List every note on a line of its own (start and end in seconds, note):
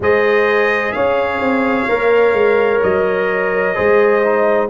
0.00 0.94 G#3
0.00 1.88 G#4
0.00 0.95 C5
0.00 0.92 D#5
0.92 1.39 C#4
0.92 3.75 C#5
0.92 2.79 F5
1.39 1.86 C4
1.88 2.32 A#3
1.88 3.74 A#4
2.32 2.79 G#3
2.82 3.76 F#3
2.82 4.70 D#5
3.74 4.70 G#3
3.74 4.21 G#4
3.74 4.68 C5
4.24 4.70 D#4